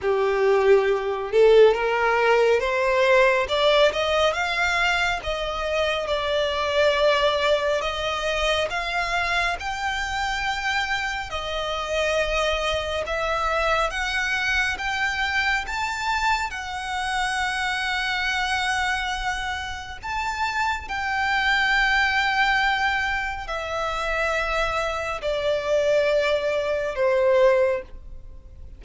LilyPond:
\new Staff \with { instrumentName = "violin" } { \time 4/4 \tempo 4 = 69 g'4. a'8 ais'4 c''4 | d''8 dis''8 f''4 dis''4 d''4~ | d''4 dis''4 f''4 g''4~ | g''4 dis''2 e''4 |
fis''4 g''4 a''4 fis''4~ | fis''2. a''4 | g''2. e''4~ | e''4 d''2 c''4 | }